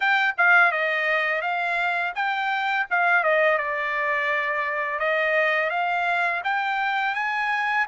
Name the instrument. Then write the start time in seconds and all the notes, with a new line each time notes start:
trumpet
0.00 G5
0.37 F5
0.71 D#5
1.41 F5
2.15 G5
2.90 F5
3.23 D#5
3.57 D5
4.99 D#5
5.69 F5
6.44 G5
7.14 G#5